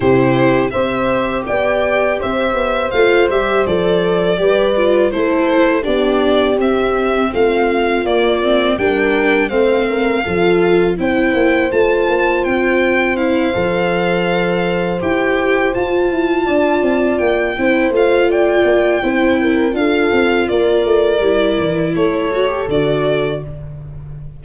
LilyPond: <<
  \new Staff \with { instrumentName = "violin" } { \time 4/4 \tempo 4 = 82 c''4 e''4 g''4 e''4 | f''8 e''8 d''2 c''4 | d''4 e''4 f''4 d''4 | g''4 f''2 g''4 |
a''4 g''4 f''2~ | f''8 g''4 a''2 g''8~ | g''8 f''8 g''2 f''4 | d''2 cis''4 d''4 | }
  \new Staff \with { instrumentName = "horn" } { \time 4/4 g'4 c''4 d''4 c''4~ | c''2 b'4 a'4 | g'2 f'2 | ais'4 c''8 ais'8 a'4 c''4~ |
c''1~ | c''2~ c''8 d''4. | c''4 d''4 c''8 ais'8 a'4 | ais'2 a'2 | }
  \new Staff \with { instrumentName = "viola" } { \time 4/4 e'4 g'2. | f'8 g'8 a'4 g'8 f'8 e'4 | d'4 c'2 ais8 c'8 | d'4 c'4 f'4 e'4 |
f'2 e'8 a'4.~ | a'8 g'4 f'2~ f'8 | e'8 f'4. e'4 f'4~ | f'4 e'4. fis'16 g'16 fis'4 | }
  \new Staff \with { instrumentName = "tuba" } { \time 4/4 c4 c'4 b4 c'8 b8 | a8 g8 f4 g4 a4 | b4 c'4 a4 ais4 | g4 a4 f4 c'8 ais8 |
a8 ais8 c'4. f4.~ | f8 e'4 f'8 e'8 d'8 c'8 ais8 | c'8 a4 ais8 c'4 d'8 c'8 | ais8 a8 g8 e8 a4 d4 | }
>>